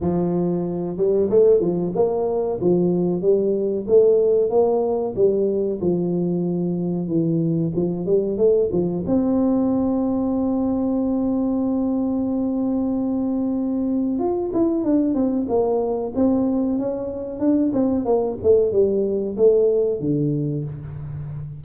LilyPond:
\new Staff \with { instrumentName = "tuba" } { \time 4/4 \tempo 4 = 93 f4. g8 a8 f8 ais4 | f4 g4 a4 ais4 | g4 f2 e4 | f8 g8 a8 f8 c'2~ |
c'1~ | c'2 f'8 e'8 d'8 c'8 | ais4 c'4 cis'4 d'8 c'8 | ais8 a8 g4 a4 d4 | }